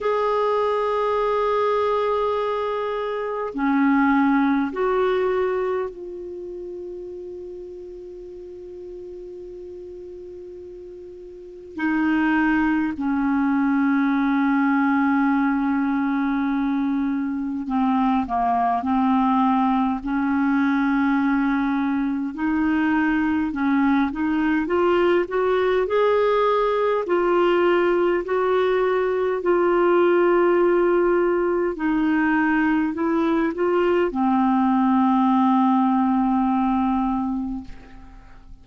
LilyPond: \new Staff \with { instrumentName = "clarinet" } { \time 4/4 \tempo 4 = 51 gis'2. cis'4 | fis'4 f'2.~ | f'2 dis'4 cis'4~ | cis'2. c'8 ais8 |
c'4 cis'2 dis'4 | cis'8 dis'8 f'8 fis'8 gis'4 f'4 | fis'4 f'2 dis'4 | e'8 f'8 c'2. | }